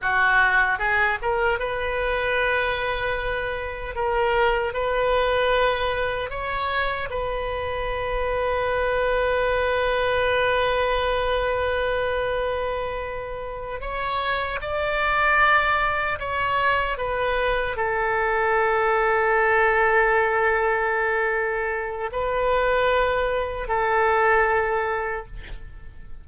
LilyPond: \new Staff \with { instrumentName = "oboe" } { \time 4/4 \tempo 4 = 76 fis'4 gis'8 ais'8 b'2~ | b'4 ais'4 b'2 | cis''4 b'2.~ | b'1~ |
b'4. cis''4 d''4.~ | d''8 cis''4 b'4 a'4.~ | a'1 | b'2 a'2 | }